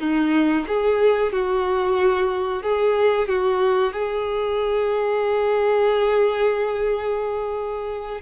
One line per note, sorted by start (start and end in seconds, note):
0.00 0.66 D#4
0.68 1.32 G#4
1.32 2.63 F#4
2.63 3.28 G#4
3.28 3.93 F#4
3.93 8.21 G#4